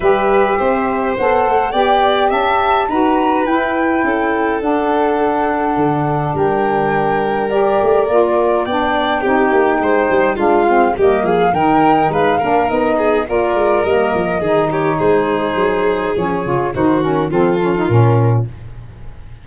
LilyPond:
<<
  \new Staff \with { instrumentName = "flute" } { \time 4/4 \tempo 4 = 104 e''2 fis''4 g''4 | a''4 ais''4 g''2 | fis''2. g''4~ | g''4 d''2 g''4~ |
g''2 f''4 dis''8 f''8 | g''4 f''4 dis''4 d''4 | dis''4. cis''8 c''2 | cis''4 c''8 ais'8 a'4 ais'4 | }
  \new Staff \with { instrumentName = "violin" } { \time 4/4 b'4 c''2 d''4 | e''4 b'2 a'4~ | a'2. ais'4~ | ais'2. d''4 |
g'4 c''4 f'4 g'8 gis'8 | ais'4 b'8 ais'4 gis'8 ais'4~ | ais'4 gis'8 g'8 gis'2~ | gis'4 fis'4 f'2 | }
  \new Staff \with { instrumentName = "saxophone" } { \time 4/4 g'2 a'4 g'4~ | g'4 fis'4 e'2 | d'1~ | d'4 g'4 f'4 d'4 |
dis'2 d'8 c'8 ais4 | dis'4. d'8 dis'4 f'4 | ais4 dis'2. | cis'8 f'8 dis'8 cis'8 c'8 cis'16 dis'16 cis'4 | }
  \new Staff \with { instrumentName = "tuba" } { \time 4/4 g4 c'4 b8 a8 b4 | cis'4 dis'4 e'4 cis'4 | d'2 d4 g4~ | g4. a8 ais4 b4 |
c'8 ais8 gis8 g8 gis4 g8 f8 | dis4 gis8 ais8 b4 ais8 gis8 | g8 f8 dis4 gis4 fis4 | f8 cis8 dis4 f4 ais,4 | }
>>